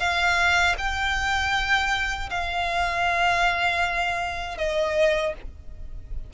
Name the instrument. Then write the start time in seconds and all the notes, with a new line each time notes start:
violin
0.00 F5
0.78 G5
2.30 F5
4.58 D#5